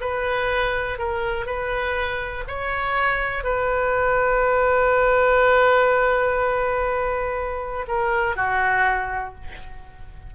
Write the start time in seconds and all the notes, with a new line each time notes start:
0.00 B4
0.98 A#4
1.45 B4
2.47 C#5
3.43 B4
7.87 A#4
8.36 F#4